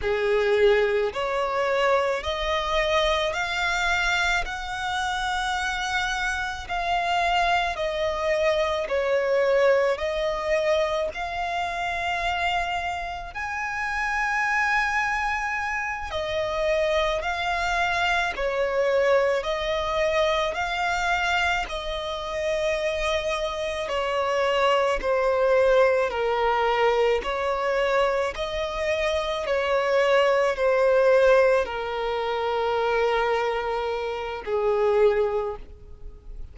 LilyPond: \new Staff \with { instrumentName = "violin" } { \time 4/4 \tempo 4 = 54 gis'4 cis''4 dis''4 f''4 | fis''2 f''4 dis''4 | cis''4 dis''4 f''2 | gis''2~ gis''8 dis''4 f''8~ |
f''8 cis''4 dis''4 f''4 dis''8~ | dis''4. cis''4 c''4 ais'8~ | ais'8 cis''4 dis''4 cis''4 c''8~ | c''8 ais'2~ ais'8 gis'4 | }